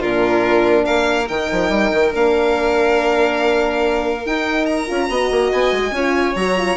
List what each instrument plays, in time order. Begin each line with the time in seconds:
0.00 bassoon A#2, horn D4, violin F4 A#4
0.85 bassoon A#3, violin A#4 F5
1.28 bassoon D#3, horn D#4, violin G5
1.52 bassoon F3
1.69 bassoon G3
1.92 bassoon D#3
2.11 bassoon A#3, horn D4, violin F5
4.25 bassoon D#4, horn D#4, violin G5
4.65 violin A#5
4.87 bassoon C#4, horn F4
5.08 bassoon B3, horn F#4, violin D#5
5.31 bassoon A#3
5.52 bassoon B3, violin G#5
5.72 bassoon G#3
5.91 bassoon C#4, horn F4, violin C#5
6.35 bassoon F#3, horn F#4, violin A#5
6.57 horn F4